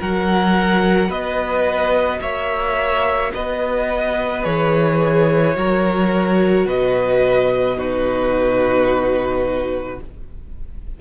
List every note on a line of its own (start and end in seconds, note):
0.00 1.10 F#3
0.00 4.44 F#4
0.00 1.09 A#4
0.00 1.11 F#5
1.09 2.21 B3
1.09 2.20 B4
1.09 2.22 D#5
2.21 3.32 A#3
2.21 3.33 C#5
2.21 3.33 E5
3.34 4.46 B3
3.34 5.57 B4
3.34 4.45 D#5
4.44 5.57 E3
4.44 5.55 G#4
4.44 6.67 C#5
5.55 6.66 F#3
5.55 7.77 F#4
5.55 6.67 A#4
6.66 9.99 B2
6.66 7.78 B4
6.66 7.79 D#5
7.77 9.99 D#4
7.77 10.00 F#4
7.77 10.01 B4